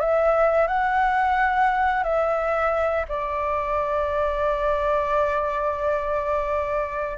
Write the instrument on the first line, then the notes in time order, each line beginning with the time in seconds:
flute
0.00 E5
0.68 F#5
2.04 E5
3.09 D5